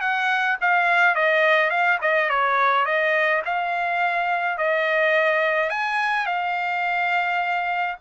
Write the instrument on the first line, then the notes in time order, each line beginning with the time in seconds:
trumpet
0.00 F#5
0.60 F5
1.14 D#5
1.70 F5
2.01 D#5
2.29 C#5
2.85 D#5
3.45 F5
4.57 D#5
5.69 G#5
6.26 F5